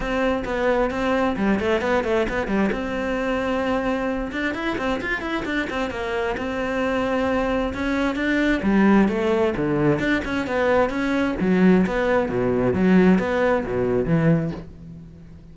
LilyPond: \new Staff \with { instrumentName = "cello" } { \time 4/4 \tempo 4 = 132 c'4 b4 c'4 g8 a8 | b8 a8 b8 g8 c'2~ | c'4. d'8 e'8 c'8 f'8 e'8 | d'8 c'8 ais4 c'2~ |
c'4 cis'4 d'4 g4 | a4 d4 d'8 cis'8 b4 | cis'4 fis4 b4 b,4 | fis4 b4 b,4 e4 | }